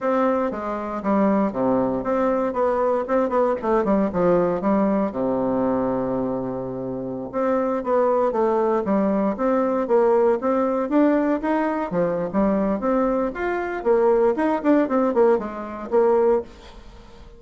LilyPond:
\new Staff \with { instrumentName = "bassoon" } { \time 4/4 \tempo 4 = 117 c'4 gis4 g4 c4 | c'4 b4 c'8 b8 a8 g8 | f4 g4 c2~ | c2~ c16 c'4 b8.~ |
b16 a4 g4 c'4 ais8.~ | ais16 c'4 d'4 dis'4 f8. | g4 c'4 f'4 ais4 | dis'8 d'8 c'8 ais8 gis4 ais4 | }